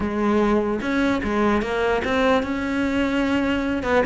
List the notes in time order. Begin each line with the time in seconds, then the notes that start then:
0.00 G#3
0.81 C#4
1.23 G#3
1.61 A#3
2.04 C4
2.42 C#4
3.83 B3